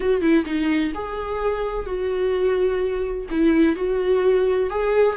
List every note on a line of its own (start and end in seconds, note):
0.00 0.21 F#4
0.21 0.44 E4
0.45 0.92 D#4
0.94 1.86 G#4
1.86 3.26 F#4
3.30 3.76 E4
3.76 4.69 F#4
4.70 5.16 G#4